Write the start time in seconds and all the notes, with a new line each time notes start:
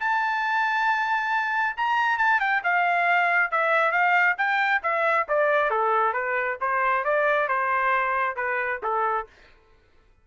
0.00 A5
1.76 A#5
2.18 A5
2.40 G5
2.64 F5
3.51 E5
3.91 F5
4.38 G5
4.82 E5
5.28 D5
5.70 A4
6.13 B4
6.61 C5
7.04 D5
7.48 C5
8.36 B4
8.83 A4